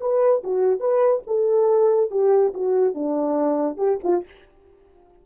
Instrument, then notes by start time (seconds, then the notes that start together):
horn
0.00 B4
0.43 F#4
0.80 B4
1.26 A4
2.10 G4
2.54 F#4
2.94 D4
3.77 G4
4.03 F4